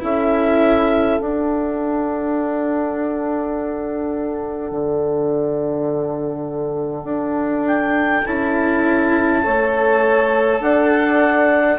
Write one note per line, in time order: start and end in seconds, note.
0.00 1.20 C#4
0.00 1.18 E4
0.00 9.43 A4
0.00 1.19 E5
1.18 8.24 D4
1.18 4.71 D4
1.18 7.66 F#5
4.71 7.04 D3
7.04 8.22 D4
7.67 8.26 G5
8.26 9.44 C#4
8.26 9.42 E4
8.26 10.61 A5
9.42 10.60 A3
9.42 11.77 A4
9.42 10.61 C#5
10.60 11.78 D4
10.60 11.79 D5
10.60 11.79 F#5